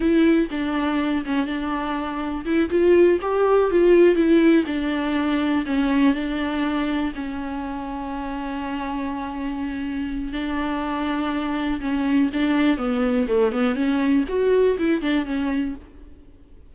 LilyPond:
\new Staff \with { instrumentName = "viola" } { \time 4/4 \tempo 4 = 122 e'4 d'4. cis'8 d'4~ | d'4 e'8 f'4 g'4 f'8~ | f'8 e'4 d'2 cis'8~ | cis'8 d'2 cis'4.~ |
cis'1~ | cis'4 d'2. | cis'4 d'4 b4 a8 b8 | cis'4 fis'4 e'8 d'8 cis'4 | }